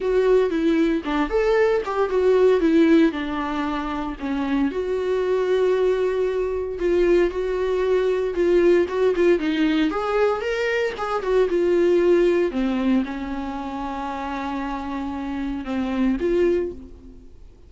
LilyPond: \new Staff \with { instrumentName = "viola" } { \time 4/4 \tempo 4 = 115 fis'4 e'4 d'8 a'4 g'8 | fis'4 e'4 d'2 | cis'4 fis'2.~ | fis'4 f'4 fis'2 |
f'4 fis'8 f'8 dis'4 gis'4 | ais'4 gis'8 fis'8 f'2 | c'4 cis'2.~ | cis'2 c'4 f'4 | }